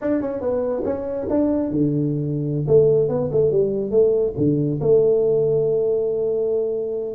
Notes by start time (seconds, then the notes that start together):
0.01 D4
0.21 C#4
0.40 B3
0.84 C#4
1.29 D4
1.70 D3
2.67 A3
3.09 B3
3.32 A3
3.51 G3
3.90 A3
4.37 D3
4.80 A3